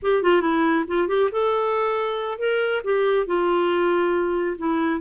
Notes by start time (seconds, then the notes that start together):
0.02 G4
0.23 F4
0.41 E4
0.87 F4
1.08 G4
1.31 A4
2.38 A#4
2.83 G4
3.26 F4
4.58 E4